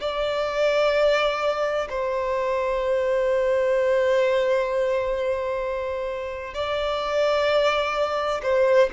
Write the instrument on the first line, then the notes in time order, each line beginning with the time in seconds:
violin
0.00 D5
1.89 C5
6.54 D5
8.43 C5